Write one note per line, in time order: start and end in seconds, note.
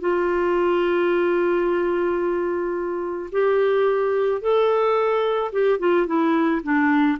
0.00 3.30 F4
3.32 4.41 G4
4.41 5.51 A4
5.52 5.79 G4
5.79 6.07 F4
6.07 6.62 E4
6.63 7.18 D4